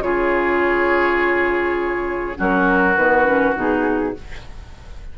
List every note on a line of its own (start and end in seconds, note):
0.00 2.35 C#3
0.00 2.35 F4
0.00 2.38 G#4
0.00 2.37 C#5
2.35 2.97 F#3
2.35 2.94 C#4
2.35 4.14 F#4
2.35 2.97 A#4
2.97 3.55 D#3
2.97 3.25 B3
2.97 3.56 B4
3.25 3.54 C#4
3.55 4.14 B2
3.55 4.14 D#4
3.55 4.18 G#4